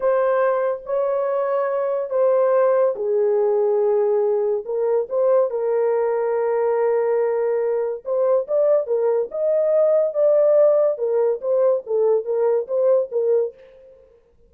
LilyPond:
\new Staff \with { instrumentName = "horn" } { \time 4/4 \tempo 4 = 142 c''2 cis''2~ | cis''4 c''2 gis'4~ | gis'2. ais'4 | c''4 ais'2.~ |
ais'2. c''4 | d''4 ais'4 dis''2 | d''2 ais'4 c''4 | a'4 ais'4 c''4 ais'4 | }